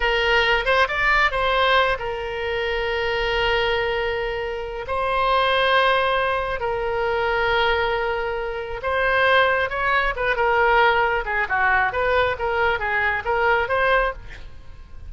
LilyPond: \new Staff \with { instrumentName = "oboe" } { \time 4/4 \tempo 4 = 136 ais'4. c''8 d''4 c''4~ | c''8 ais'2.~ ais'8~ | ais'2. c''4~ | c''2. ais'4~ |
ais'1 | c''2 cis''4 b'8 ais'8~ | ais'4. gis'8 fis'4 b'4 | ais'4 gis'4 ais'4 c''4 | }